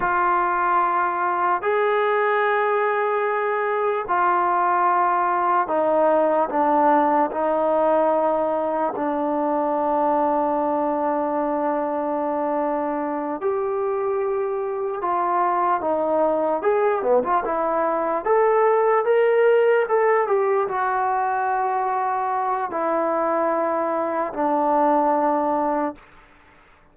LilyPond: \new Staff \with { instrumentName = "trombone" } { \time 4/4 \tempo 4 = 74 f'2 gis'2~ | gis'4 f'2 dis'4 | d'4 dis'2 d'4~ | d'1~ |
d'8 g'2 f'4 dis'8~ | dis'8 gis'8 b16 f'16 e'4 a'4 ais'8~ | ais'8 a'8 g'8 fis'2~ fis'8 | e'2 d'2 | }